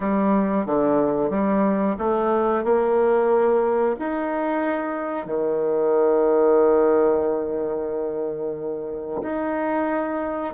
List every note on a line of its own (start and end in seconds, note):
0.00 0.66 G3
0.66 1.29 D3
1.29 1.95 G3
1.98 2.64 A3
2.64 3.96 A#3
3.99 5.25 D#4
5.25 9.21 D#3
9.22 10.53 D#4